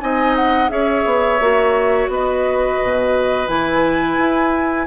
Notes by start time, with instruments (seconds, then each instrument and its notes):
0.00 bassoon C4, clarinet D#4, oboe D#5, flute G#5
0.36 flute F#5
0.69 bassoon C#4, clarinet G#4, oboe C#5, flute E5
1.06 bassoon B3
1.40 bassoon A#3, clarinet F#4
2.09 bassoon B3, oboe B4, flute D#5
2.82 bassoon B2
3.48 bassoon E3, clarinet E4, flute G#5
4.18 bassoon E4